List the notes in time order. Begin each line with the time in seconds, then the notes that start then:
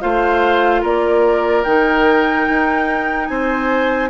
0.00 A3 F4 C5 F5
0.81 A#3 A#4 D5
1.64 D#3 D#4 G5
2.49 D#4
3.26 C4 C5 G#5